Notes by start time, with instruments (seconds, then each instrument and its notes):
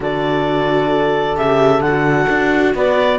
0.00 cello D3, viola F#4, horn A4, clarinet D5
1.35 cello C#3, viola G4, clarinet E5
1.80 cello D3, clarinet F#5
1.87 viola F#4
2.29 cello D4
2.74 cello B3, horn B4, clarinet D5